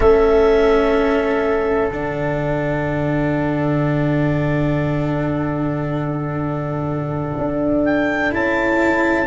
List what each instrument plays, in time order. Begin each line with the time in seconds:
0.00 tuba A3, cello C#4, flute A4, clarinet E5
1.89 tuba D3, cello D4, clarinet F#5
7.37 tuba D4
7.85 clarinet G5
8.30 tuba C#4, cello E4, clarinet A5